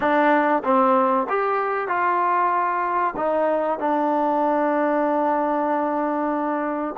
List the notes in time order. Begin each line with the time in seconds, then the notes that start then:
0.00 D4
0.64 C4
1.29 G4
1.88 F4
3.16 D#4
3.79 D4